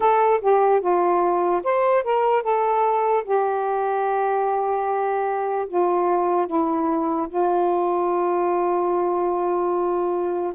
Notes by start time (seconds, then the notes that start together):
0.00 A4
0.41 G4
0.81 F4
1.63 C5
2.03 A#4
2.42 A4
3.24 G4
5.68 F4
6.46 E4
7.28 F4